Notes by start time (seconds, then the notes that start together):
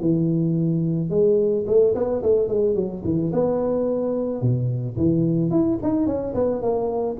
0.00 E3
1.10 G#3
1.66 A3
1.94 B3
2.23 A3
2.48 G#3
2.75 F#3
3.04 E3
3.33 B3
4.41 B2
4.97 E3
5.50 E4
5.82 D#4
6.06 C#4
6.34 B3
6.62 A#3